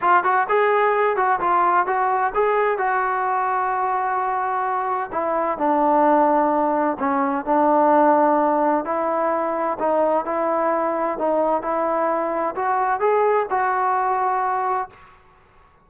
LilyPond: \new Staff \with { instrumentName = "trombone" } { \time 4/4 \tempo 4 = 129 f'8 fis'8 gis'4. fis'8 f'4 | fis'4 gis'4 fis'2~ | fis'2. e'4 | d'2. cis'4 |
d'2. e'4~ | e'4 dis'4 e'2 | dis'4 e'2 fis'4 | gis'4 fis'2. | }